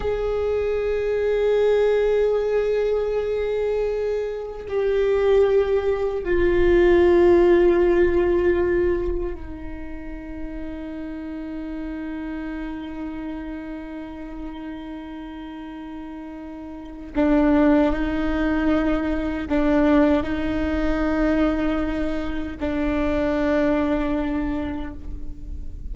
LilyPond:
\new Staff \with { instrumentName = "viola" } { \time 4/4 \tempo 4 = 77 gis'1~ | gis'2 g'2 | f'1 | dis'1~ |
dis'1~ | dis'2 d'4 dis'4~ | dis'4 d'4 dis'2~ | dis'4 d'2. | }